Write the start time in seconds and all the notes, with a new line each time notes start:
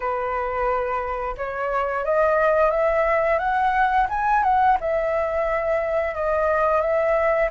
0.00 B4
1.37 C#5
2.05 D#5
2.71 E5
3.38 F#5
4.09 G#5
4.43 F#5
4.80 E5
6.15 D#5
6.81 E5